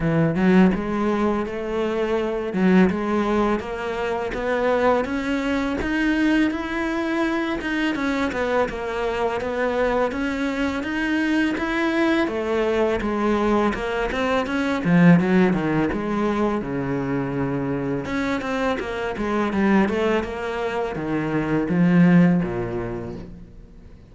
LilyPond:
\new Staff \with { instrumentName = "cello" } { \time 4/4 \tempo 4 = 83 e8 fis8 gis4 a4. fis8 | gis4 ais4 b4 cis'4 | dis'4 e'4. dis'8 cis'8 b8 | ais4 b4 cis'4 dis'4 |
e'4 a4 gis4 ais8 c'8 | cis'8 f8 fis8 dis8 gis4 cis4~ | cis4 cis'8 c'8 ais8 gis8 g8 a8 | ais4 dis4 f4 ais,4 | }